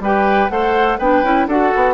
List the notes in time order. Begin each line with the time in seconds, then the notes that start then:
0.00 G3 G4 B4 G5
0.49 A3 A4 C5 F#5
0.98 B3 D4 B4 G5
1.23 C#4 E4
1.47 D4 F#4 A4 F#5
1.76 B3